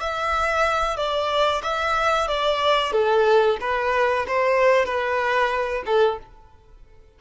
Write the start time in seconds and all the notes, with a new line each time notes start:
0.00 E5
0.97 D5
1.63 E5
2.27 D5
2.92 A4
3.60 B4
4.27 C5
4.85 B4
5.86 A4